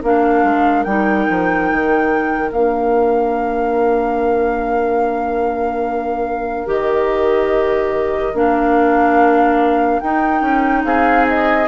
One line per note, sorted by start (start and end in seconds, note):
0.00 0.43 A#3
0.00 0.86 D4
0.00 10.83 A#4
0.00 0.83 F5
0.43 0.85 G#3
0.83 1.27 G3
0.83 2.52 D#4
0.83 2.50 G5
1.30 1.71 F3
1.71 2.51 D#3
2.51 6.67 A#3
2.51 6.66 D4
2.51 6.69 F5
6.66 8.34 D#3
6.66 8.33 G4
6.66 8.36 D#5
8.34 10.00 A#3
8.34 10.01 D4
8.34 9.99 F5
9.99 10.41 D#4
9.99 11.68 D#4
9.99 10.83 G5
10.41 10.83 C#4
10.84 11.68 C4
10.84 11.68 G#4
10.84 11.26 F5
11.28 11.68 D#5